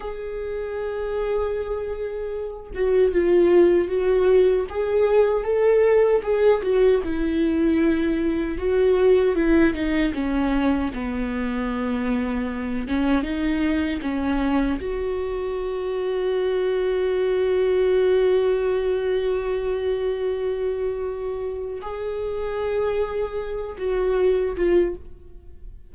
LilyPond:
\new Staff \with { instrumentName = "viola" } { \time 4/4 \tempo 4 = 77 gis'2.~ gis'8 fis'8 | f'4 fis'4 gis'4 a'4 | gis'8 fis'8 e'2 fis'4 | e'8 dis'8 cis'4 b2~ |
b8 cis'8 dis'4 cis'4 fis'4~ | fis'1~ | fis'1 | gis'2~ gis'8 fis'4 f'8 | }